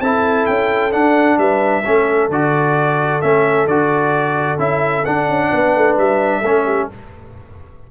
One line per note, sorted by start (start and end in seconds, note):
0.00 0.46 C4
0.00 0.92 E4
0.00 1.39 A4
0.00 0.46 A5
0.46 0.93 C#4
0.46 0.92 G5
0.92 1.83 D4
0.92 1.38 D4
0.92 1.38 F#5
1.38 1.83 G3
1.38 1.83 B4
1.38 2.30 E5
1.83 2.29 A3
1.83 2.31 C#4
1.83 5.49 A4
2.29 3.21 D3
2.29 3.22 F#4
2.29 3.21 D5
3.21 3.67 A3
3.21 3.68 C#4
3.21 3.67 E5
3.67 4.58 D3
3.67 4.58 F#4
3.67 4.59 D5
4.58 5.04 C#4
4.58 5.04 E4
4.58 5.05 E5
5.05 5.29 D4
5.05 6.44 D4
5.05 5.96 F#5
5.29 5.51 C#4
5.51 5.75 B3
5.51 6.41 B4
5.75 5.98 A3
5.98 6.42 G3
5.98 6.90 E5
6.41 6.87 A3
6.41 6.91 C#4
6.41 6.64 A4
6.65 6.88 G4